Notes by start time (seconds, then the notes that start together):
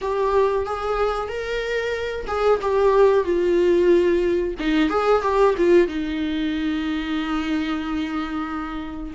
0.01 G4
0.65 G#4
1.28 A#4
2.27 G#4
2.61 G4
3.24 F4
4.59 D#4
4.89 G#4
5.22 G4
5.57 F4
5.87 D#4